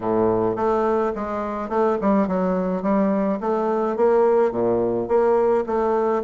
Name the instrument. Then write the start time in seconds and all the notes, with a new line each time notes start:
bassoon
0.00 A2
0.56 A3
1.15 G#3
1.69 A3
2.01 G3
2.27 F#3
2.82 G3
3.40 A3
3.96 A#3
4.51 A#2
5.08 A#3
5.66 A3